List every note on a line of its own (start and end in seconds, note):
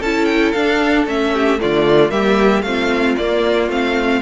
0.00 0.54 C#4
0.00 0.56 E4
0.00 1.32 A4
0.00 0.26 A5
0.26 0.52 G5
0.52 1.07 D4
0.52 1.08 D4
0.52 1.05 F5
1.07 1.60 A3
1.07 1.59 C#4
1.07 1.61 E5
1.34 1.60 G4
1.59 2.11 A3
1.59 2.13 F4
1.59 2.11 D5
1.65 2.11 D3
2.11 2.63 G3
2.11 2.63 A#3
2.11 2.65 G4
2.11 2.63 E5
2.63 3.15 A3
2.63 3.19 C4
2.63 4.23 F4
2.63 3.15 F5
3.17 3.69 A#3
3.17 3.70 A#3
3.17 3.70 D5
3.69 4.21 A3
3.69 4.23 C4
3.69 4.23 F5